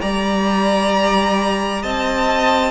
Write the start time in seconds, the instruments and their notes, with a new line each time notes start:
0.00 cello G3, viola G4, violin D5 A#5
1.82 cello C4, violin D#5 A5